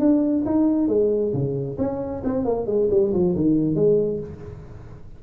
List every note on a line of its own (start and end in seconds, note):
0.00 0.44 D4
0.46 0.88 D#4
0.88 1.33 G#3
1.34 1.78 C#3
1.78 2.23 C#4
2.25 2.45 C4
2.45 2.67 A#3
2.67 2.89 G#3
2.91 3.13 G3
3.14 3.36 F3
3.36 3.75 D#3
3.75 4.20 G#3